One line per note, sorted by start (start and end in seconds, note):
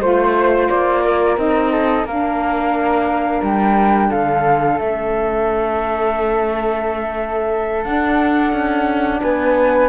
0.00 0.68 A3
0.00 1.37 F4
0.00 1.03 C5
0.00 0.69 C5
0.69 1.37 A#3
0.69 1.37 D5
1.05 1.72 A#4
1.37 2.04 C4
1.37 2.05 D#4
1.37 2.06 D#5
1.72 2.06 A4
2.04 3.41 A#3
2.04 4.79 D4
2.04 4.09 A#4
2.04 3.43 F5
3.42 4.10 G3
3.42 4.11 G5
4.09 4.80 D3
4.09 9.20 A4
4.09 4.79 F5
4.79 7.85 A3
4.79 7.85 C#4
4.79 7.84 E5
7.84 9.89 D4
7.84 8.52 D4
7.84 9.20 F#5
8.52 9.21 C#4
9.21 9.89 B3
9.21 9.89 B4
9.21 9.89 G#5